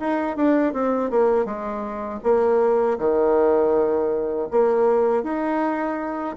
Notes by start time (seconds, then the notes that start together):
0.00 D#4
0.36 D4
0.73 C4
1.11 A#3
1.45 G#3
2.23 A#3
2.99 D#3
4.51 A#3
5.23 D#4